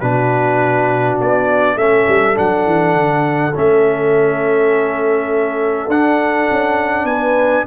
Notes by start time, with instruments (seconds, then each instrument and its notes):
0.00 tuba B2, trombone D4, horn F#4, trumpet B4
1.21 tuba B3, trumpet D5
1.76 tuba A3, trombone C#4, horn A4, trumpet E5
2.08 tuba G3
2.35 tuba F#3, trombone D4, trumpet F#5
2.66 tuba E3
2.95 tuba D3
3.55 tuba A3, trombone C#4, trumpet E5
5.88 tuba D4, trombone D4, trumpet F#5
6.51 tuba C#4
7.05 tuba B3, horn B4, trumpet G#5